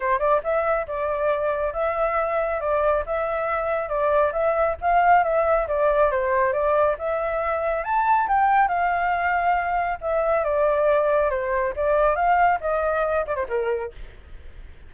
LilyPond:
\new Staff \with { instrumentName = "flute" } { \time 4/4 \tempo 4 = 138 c''8 d''8 e''4 d''2 | e''2 d''4 e''4~ | e''4 d''4 e''4 f''4 | e''4 d''4 c''4 d''4 |
e''2 a''4 g''4 | f''2. e''4 | d''2 c''4 d''4 | f''4 dis''4. d''16 c''16 ais'4 | }